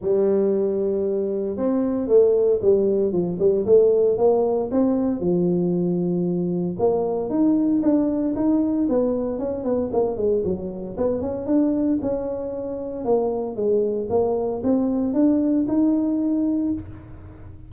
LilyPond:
\new Staff \with { instrumentName = "tuba" } { \time 4/4 \tempo 4 = 115 g2. c'4 | a4 g4 f8 g8 a4 | ais4 c'4 f2~ | f4 ais4 dis'4 d'4 |
dis'4 b4 cis'8 b8 ais8 gis8 | fis4 b8 cis'8 d'4 cis'4~ | cis'4 ais4 gis4 ais4 | c'4 d'4 dis'2 | }